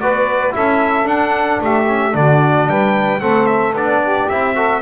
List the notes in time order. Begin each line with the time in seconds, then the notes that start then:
0.00 B3 F#4 B4 D5
0.51 C#4 E4 A4 E5
1.04 D4 F#5
1.61 A3 G4 E5
1.88 C#4
2.12 D3 D4 F#4 D5
2.67 G3 B4 G5
3.20 A3 C4 A4 F#5
3.47 E5
3.73 B3 D4 D5
4.03 G4
4.29 C4 E4 E5
4.55 F#4 A4